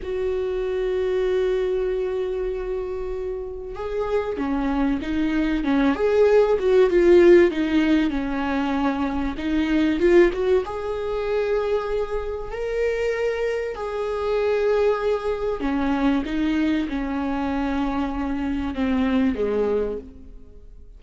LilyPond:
\new Staff \with { instrumentName = "viola" } { \time 4/4 \tempo 4 = 96 fis'1~ | fis'2 gis'4 cis'4 | dis'4 cis'8 gis'4 fis'8 f'4 | dis'4 cis'2 dis'4 |
f'8 fis'8 gis'2. | ais'2 gis'2~ | gis'4 cis'4 dis'4 cis'4~ | cis'2 c'4 gis4 | }